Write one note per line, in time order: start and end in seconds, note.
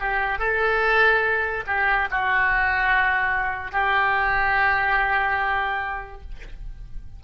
0.00 0.39 G4
0.39 1.64 A4
1.67 2.09 G4
2.11 3.72 F#4
3.72 6.22 G4